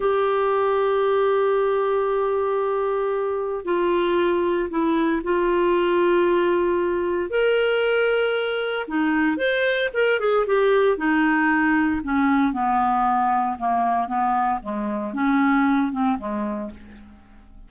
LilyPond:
\new Staff \with { instrumentName = "clarinet" } { \time 4/4 \tempo 4 = 115 g'1~ | g'2. f'4~ | f'4 e'4 f'2~ | f'2 ais'2~ |
ais'4 dis'4 c''4 ais'8 gis'8 | g'4 dis'2 cis'4 | b2 ais4 b4 | gis4 cis'4. c'8 gis4 | }